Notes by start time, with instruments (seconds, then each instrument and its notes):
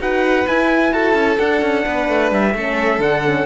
0.00 cello D#4, horn F#4, violin B4, trumpet F#5
0.47 horn E4, cello E4, trumpet G#5
0.92 cello F#4, violin A4, trumpet A5
1.15 cello C#4
1.39 cello D4, horn D4, trumpet F#5
1.62 cello C#4
1.86 cello B3, violin B4
2.09 cello A3
2.32 cello G3, trumpet E5
2.54 cello A3, horn C#4, violin A4
2.99 cello D3, horn D4, trumpet F#5
3.25 horn C#4